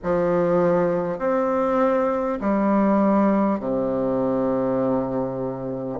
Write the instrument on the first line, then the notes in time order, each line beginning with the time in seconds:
bassoon
0.03 F3
1.18 C4
2.41 G3
3.59 C3